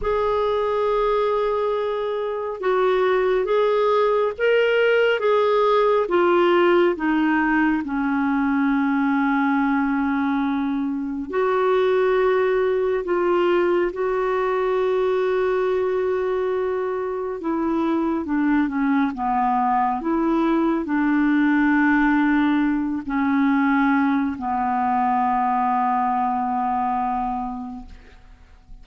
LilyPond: \new Staff \with { instrumentName = "clarinet" } { \time 4/4 \tempo 4 = 69 gis'2. fis'4 | gis'4 ais'4 gis'4 f'4 | dis'4 cis'2.~ | cis'4 fis'2 f'4 |
fis'1 | e'4 d'8 cis'8 b4 e'4 | d'2~ d'8 cis'4. | b1 | }